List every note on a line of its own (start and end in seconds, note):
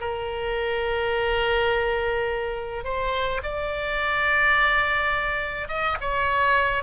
0.00 2.84 A#4
2.84 3.41 C5
3.43 5.68 D5
5.68 5.97 D#5
6.01 6.83 C#5